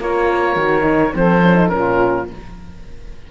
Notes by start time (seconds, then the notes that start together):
0.00 A#3 F4 A#4 C#5
0.56 D#3 F#4
0.82 D#4
1.14 F3 C4 A4 C5
1.43 C#4
1.55 D#4
1.69 A#2 C#4 F4 A#4